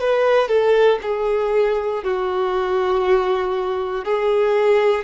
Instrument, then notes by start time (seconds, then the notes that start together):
violin
0.00 B4
0.48 A4
1.02 G#4
2.04 F#4
4.05 G#4